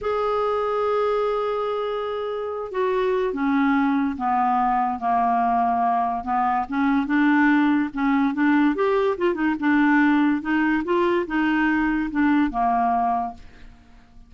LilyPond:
\new Staff \with { instrumentName = "clarinet" } { \time 4/4 \tempo 4 = 144 gis'1~ | gis'2~ gis'8 fis'4. | cis'2 b2 | ais2. b4 |
cis'4 d'2 cis'4 | d'4 g'4 f'8 dis'8 d'4~ | d'4 dis'4 f'4 dis'4~ | dis'4 d'4 ais2 | }